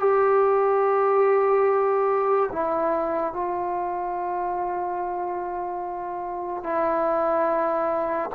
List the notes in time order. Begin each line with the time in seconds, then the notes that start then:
0.00 G4
2.52 E4
3.33 F4
6.64 E4